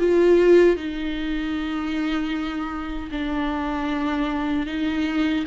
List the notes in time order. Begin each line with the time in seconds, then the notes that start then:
0.00 F4
0.77 D#4
3.12 D4
4.67 D#4